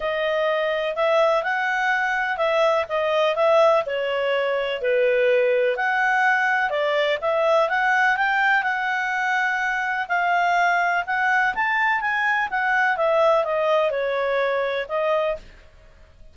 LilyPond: \new Staff \with { instrumentName = "clarinet" } { \time 4/4 \tempo 4 = 125 dis''2 e''4 fis''4~ | fis''4 e''4 dis''4 e''4 | cis''2 b'2 | fis''2 d''4 e''4 |
fis''4 g''4 fis''2~ | fis''4 f''2 fis''4 | a''4 gis''4 fis''4 e''4 | dis''4 cis''2 dis''4 | }